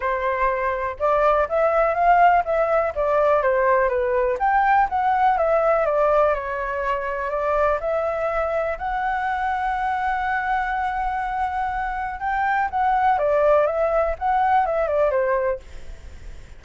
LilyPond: \new Staff \with { instrumentName = "flute" } { \time 4/4 \tempo 4 = 123 c''2 d''4 e''4 | f''4 e''4 d''4 c''4 | b'4 g''4 fis''4 e''4 | d''4 cis''2 d''4 |
e''2 fis''2~ | fis''1~ | fis''4 g''4 fis''4 d''4 | e''4 fis''4 e''8 d''8 c''4 | }